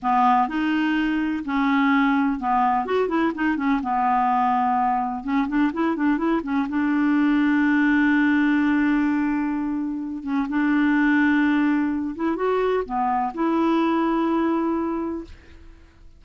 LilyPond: \new Staff \with { instrumentName = "clarinet" } { \time 4/4 \tempo 4 = 126 b4 dis'2 cis'4~ | cis'4 b4 fis'8 e'8 dis'8 cis'8 | b2. cis'8 d'8 | e'8 d'8 e'8 cis'8 d'2~ |
d'1~ | d'4. cis'8 d'2~ | d'4. e'8 fis'4 b4 | e'1 | }